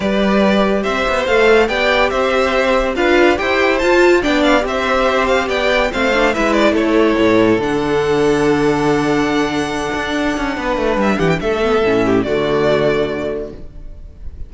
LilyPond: <<
  \new Staff \with { instrumentName = "violin" } { \time 4/4 \tempo 4 = 142 d''2 e''4 f''4 | g''4 e''2 f''4 | g''4 a''4 g''8 f''8 e''4~ | e''8 f''8 g''4 f''4 e''8 d''8 |
cis''2 fis''2~ | fis''1~ | fis''2 e''8 fis''16 g''16 e''4~ | e''4 d''2. | }
  \new Staff \with { instrumentName = "violin" } { \time 4/4 b'2 c''2 | d''4 c''2 b'4 | c''2 d''4 c''4~ | c''4 d''4 c''4 b'4 |
a'1~ | a'1~ | a'4 b'4. g'8 a'4~ | a'8 g'8 fis'2. | }
  \new Staff \with { instrumentName = "viola" } { \time 4/4 g'2. a'4 | g'2. f'4 | g'4 f'4 d'4 g'4~ | g'2 c'8 d'8 e'4~ |
e'2 d'2~ | d'1~ | d'2.~ d'8 b8 | cis'4 a2. | }
  \new Staff \with { instrumentName = "cello" } { \time 4/4 g2 c'8 b8 a4 | b4 c'2 d'4 | e'4 f'4 b4 c'4~ | c'4 b4 a4 gis4 |
a4 a,4 d2~ | d2.~ d8 d'8~ | d'8 cis'8 b8 a8 g8 e8 a4 | a,4 d2. | }
>>